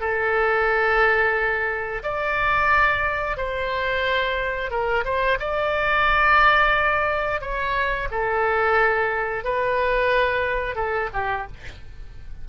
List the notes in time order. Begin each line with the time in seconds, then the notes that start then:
0.00 A4
2.03 D5
3.37 C5
4.70 A#4
5.04 C5
5.39 D5
7.41 C#5
8.11 A4
9.44 B4
10.75 A4
11.13 G4